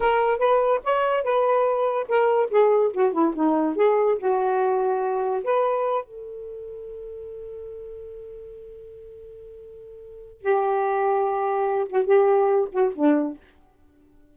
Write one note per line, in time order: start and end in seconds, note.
0.00 0.38 A#4
0.38 0.80 B4
0.84 1.23 C#5
1.23 2.06 B4
2.08 2.49 A#4
2.50 2.92 G#4
2.93 3.12 F#4
3.12 3.33 E4
3.35 3.76 D#4
3.76 4.17 G#4
4.18 5.43 F#4
5.43 6.04 B4
6.04 10.41 A4
10.41 11.87 G4
11.89 12.06 F#4
12.06 12.68 G4
12.72 12.93 F#4
12.95 13.37 D4